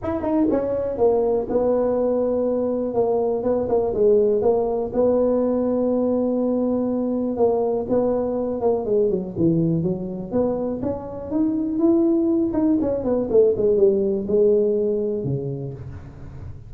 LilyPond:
\new Staff \with { instrumentName = "tuba" } { \time 4/4 \tempo 4 = 122 e'8 dis'8 cis'4 ais4 b4~ | b2 ais4 b8 ais8 | gis4 ais4 b2~ | b2. ais4 |
b4. ais8 gis8 fis8 e4 | fis4 b4 cis'4 dis'4 | e'4. dis'8 cis'8 b8 a8 gis8 | g4 gis2 cis4 | }